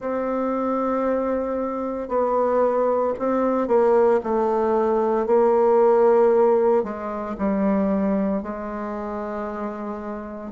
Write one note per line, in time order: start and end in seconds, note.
0.00 2.08 C4
2.08 3.13 B3
3.18 3.67 C4
3.67 4.20 A#3
4.23 5.26 A3
5.26 6.83 A#3
6.83 7.36 G#3
7.37 8.42 G3
8.42 10.52 G#3